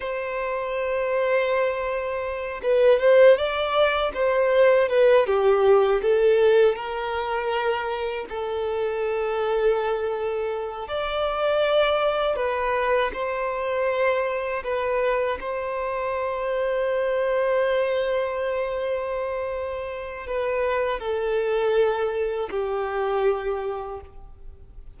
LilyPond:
\new Staff \with { instrumentName = "violin" } { \time 4/4 \tempo 4 = 80 c''2.~ c''8 b'8 | c''8 d''4 c''4 b'8 g'4 | a'4 ais'2 a'4~ | a'2~ a'8 d''4.~ |
d''8 b'4 c''2 b'8~ | b'8 c''2.~ c''8~ | c''2. b'4 | a'2 g'2 | }